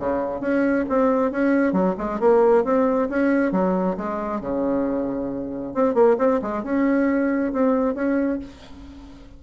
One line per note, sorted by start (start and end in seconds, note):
0.00 0.41 C#3
0.41 0.85 C#4
0.89 1.32 C4
1.32 1.73 C#4
1.73 1.95 F#3
1.98 2.20 G#3
2.20 2.64 A#3
2.64 3.09 C4
3.10 3.52 C#4
3.52 3.97 F#3
3.97 4.41 G#3
4.41 5.75 C#3
5.75 5.95 C4
5.95 6.17 A#3
6.19 6.41 C4
6.42 6.64 G#3
6.64 7.53 C#4
7.53 7.95 C4
7.95 8.40 C#4